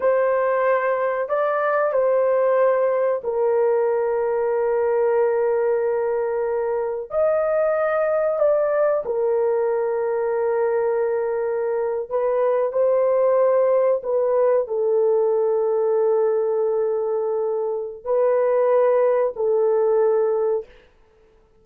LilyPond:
\new Staff \with { instrumentName = "horn" } { \time 4/4 \tempo 4 = 93 c''2 d''4 c''4~ | c''4 ais'2.~ | ais'2. dis''4~ | dis''4 d''4 ais'2~ |
ais'2~ ais'8. b'4 c''16~ | c''4.~ c''16 b'4 a'4~ a'16~ | a'1 | b'2 a'2 | }